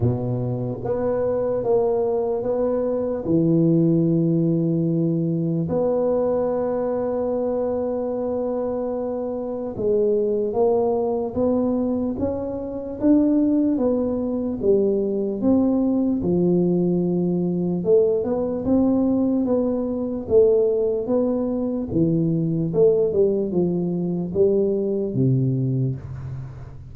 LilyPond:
\new Staff \with { instrumentName = "tuba" } { \time 4/4 \tempo 4 = 74 b,4 b4 ais4 b4 | e2. b4~ | b1 | gis4 ais4 b4 cis'4 |
d'4 b4 g4 c'4 | f2 a8 b8 c'4 | b4 a4 b4 e4 | a8 g8 f4 g4 c4 | }